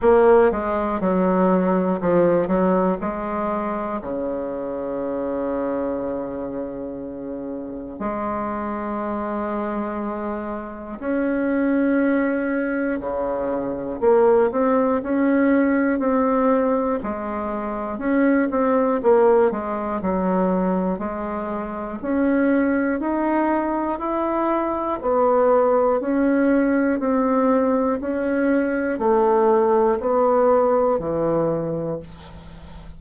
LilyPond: \new Staff \with { instrumentName = "bassoon" } { \time 4/4 \tempo 4 = 60 ais8 gis8 fis4 f8 fis8 gis4 | cis1 | gis2. cis'4~ | cis'4 cis4 ais8 c'8 cis'4 |
c'4 gis4 cis'8 c'8 ais8 gis8 | fis4 gis4 cis'4 dis'4 | e'4 b4 cis'4 c'4 | cis'4 a4 b4 e4 | }